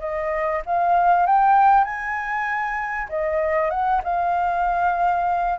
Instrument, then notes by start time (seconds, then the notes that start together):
flute
0.00 D#5
0.66 F5
1.27 G5
1.84 G#5
3.09 D#5
3.71 F#5
4.04 F5